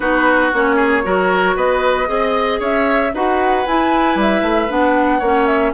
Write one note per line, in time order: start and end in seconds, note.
0.00 0.52 B3
0.00 0.52 D#4
0.00 0.76 F#4
0.00 0.52 B4
0.53 1.05 A#3
0.53 1.02 C#4
0.53 1.56 C#5
0.76 1.02 G#4
1.02 1.56 F#3
1.02 2.06 F#4
1.02 1.56 A#4
1.56 2.08 B3
1.56 2.08 B4
1.56 2.60 D#5
2.06 2.59 C4
2.06 3.10 G#4
2.06 2.59 D#5
2.59 3.12 C#4
2.59 3.12 C#5
2.59 3.14 E5
3.13 3.65 D#4
3.13 3.66 F#4
3.13 5.18 B4
3.13 3.66 F#5
3.66 4.15 E4
3.66 4.68 E4
3.66 4.18 G#5
4.15 4.41 G3
4.21 4.71 E5
4.42 4.68 A3
4.68 5.21 B3
4.68 5.20 D4
4.68 5.46 F#5
5.18 5.73 A#3
5.18 5.74 C#4
5.18 5.71 C#5
5.46 5.72 E5